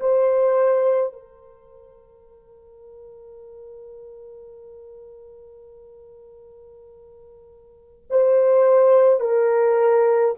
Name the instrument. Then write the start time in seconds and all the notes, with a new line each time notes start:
horn
0.00 C5
1.13 A#4
8.10 C5
9.20 A#4